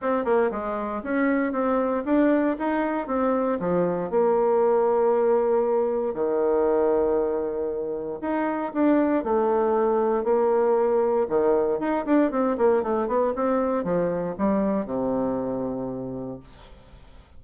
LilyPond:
\new Staff \with { instrumentName = "bassoon" } { \time 4/4 \tempo 4 = 117 c'8 ais8 gis4 cis'4 c'4 | d'4 dis'4 c'4 f4 | ais1 | dis1 |
dis'4 d'4 a2 | ais2 dis4 dis'8 d'8 | c'8 ais8 a8 b8 c'4 f4 | g4 c2. | }